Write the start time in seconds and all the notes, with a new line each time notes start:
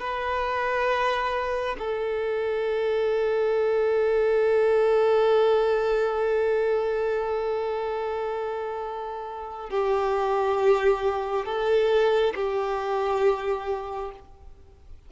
0.00 B4
1.79 A4
9.70 G4
11.46 A4
12.35 G4